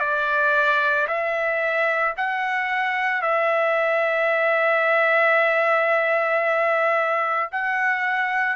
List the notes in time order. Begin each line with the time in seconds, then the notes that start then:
0.00 D5
1.07 E5
2.17 F#5
3.22 E5
7.52 F#5